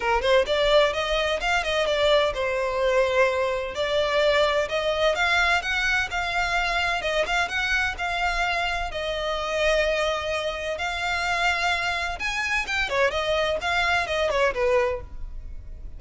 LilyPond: \new Staff \with { instrumentName = "violin" } { \time 4/4 \tempo 4 = 128 ais'8 c''8 d''4 dis''4 f''8 dis''8 | d''4 c''2. | d''2 dis''4 f''4 | fis''4 f''2 dis''8 f''8 |
fis''4 f''2 dis''4~ | dis''2. f''4~ | f''2 gis''4 g''8 cis''8 | dis''4 f''4 dis''8 cis''8 b'4 | }